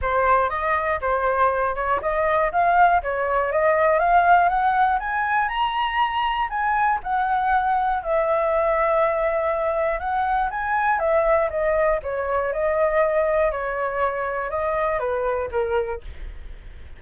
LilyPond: \new Staff \with { instrumentName = "flute" } { \time 4/4 \tempo 4 = 120 c''4 dis''4 c''4. cis''8 | dis''4 f''4 cis''4 dis''4 | f''4 fis''4 gis''4 ais''4~ | ais''4 gis''4 fis''2 |
e''1 | fis''4 gis''4 e''4 dis''4 | cis''4 dis''2 cis''4~ | cis''4 dis''4 b'4 ais'4 | }